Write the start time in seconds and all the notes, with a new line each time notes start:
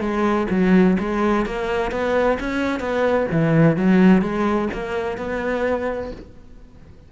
0.00 G#3
0.50 F#3
0.99 G#3
1.45 A#3
1.91 B3
2.39 C#4
2.80 B3
3.31 E3
3.76 F#3
4.21 G#3
4.73 A#3
5.17 B3